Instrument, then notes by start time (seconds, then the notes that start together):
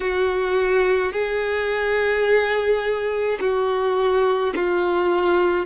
violin
0.00 F#4
1.12 G#4
3.40 F#4
4.55 F4